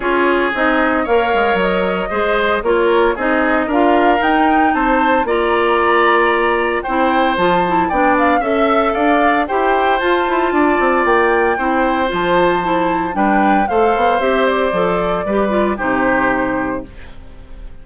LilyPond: <<
  \new Staff \with { instrumentName = "flute" } { \time 4/4 \tempo 4 = 114 cis''4 dis''4 f''4 dis''4~ | dis''4 cis''4 dis''4 f''4 | g''4 a''4 ais''2~ | ais''4 g''4 a''4 g''8 f''8 |
e''4 f''4 g''4 a''4~ | a''4 g''2 a''4~ | a''4 g''4 f''4 e''8 d''8~ | d''2 c''2 | }
  \new Staff \with { instrumentName = "oboe" } { \time 4/4 gis'2 cis''2 | c''4 ais'4 gis'4 ais'4~ | ais'4 c''4 d''2~ | d''4 c''2 d''4 |
e''4 d''4 c''2 | d''2 c''2~ | c''4 b'4 c''2~ | c''4 b'4 g'2 | }
  \new Staff \with { instrumentName = "clarinet" } { \time 4/4 f'4 dis'4 ais'2 | gis'4 f'4 dis'4 f'4 | dis'2 f'2~ | f'4 e'4 f'8 e'8 d'4 |
a'2 g'4 f'4~ | f'2 e'4 f'4 | e'4 d'4 a'4 g'4 | a'4 g'8 f'8 dis'2 | }
  \new Staff \with { instrumentName = "bassoon" } { \time 4/4 cis'4 c'4 ais8 gis8 fis4 | gis4 ais4 c'4 d'4 | dis'4 c'4 ais2~ | ais4 c'4 f4 b4 |
cis'4 d'4 e'4 f'8 e'8 | d'8 c'8 ais4 c'4 f4~ | f4 g4 a8 b8 c'4 | f4 g4 c2 | }
>>